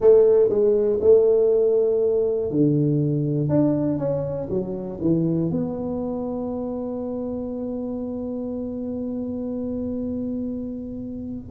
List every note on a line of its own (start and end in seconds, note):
0.00 0.49 A3
0.49 0.99 G#3
1.00 2.50 A3
2.50 3.48 D3
3.48 3.98 D4
3.98 4.48 C#4
4.49 4.99 F#3
5.00 5.50 E3
5.50 11.50 B3